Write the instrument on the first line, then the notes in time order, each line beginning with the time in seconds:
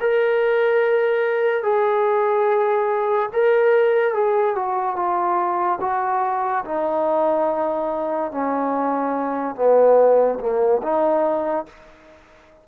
trombone
0.00 A#4
1.63 G#4
3.33 A#4
4.14 G#4
4.56 F#4
4.95 F4
5.81 F#4
6.65 D#4
8.31 C#4
9.55 B3
10.40 A#3
10.83 D#4